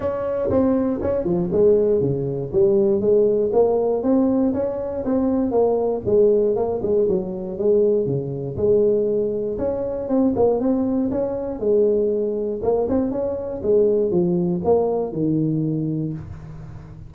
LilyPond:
\new Staff \with { instrumentName = "tuba" } { \time 4/4 \tempo 4 = 119 cis'4 c'4 cis'8 f8 gis4 | cis4 g4 gis4 ais4 | c'4 cis'4 c'4 ais4 | gis4 ais8 gis8 fis4 gis4 |
cis4 gis2 cis'4 | c'8 ais8 c'4 cis'4 gis4~ | gis4 ais8 c'8 cis'4 gis4 | f4 ais4 dis2 | }